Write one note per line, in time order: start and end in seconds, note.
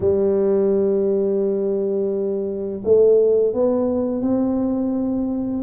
0.00 2.82 G3
2.84 3.53 A3
3.53 4.21 B3
4.21 5.62 C4